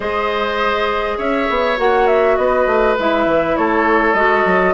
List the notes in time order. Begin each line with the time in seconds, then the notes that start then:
0.00 G#3 G#4 C5 D#5
1.17 C#4 C#5 E5
1.49 B3
1.77 A#3 F#4 F#5
2.07 E5
2.36 B3 B4 D#5
2.66 A3
2.98 G#3 E4 E5
3.25 E3
3.56 A3 A4 C#5
4.13 G#3 F#4 D#5
4.45 F#3